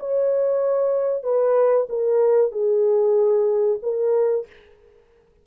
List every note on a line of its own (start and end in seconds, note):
0.00 1.23 C#5
1.23 1.87 B4
1.89 2.52 A#4
2.52 3.79 G#4
3.83 4.47 A#4